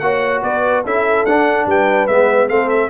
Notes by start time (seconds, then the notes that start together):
0.00 A#3 F#4 C#5 F#5
0.43 B3 B4 D5
0.85 C#4 E4 A4 E5
1.25 D4 F#5
1.67 G3 B4 G5
2.07 G#3 B3 E5
2.49 A3 C4 A4 F5
2.70 E5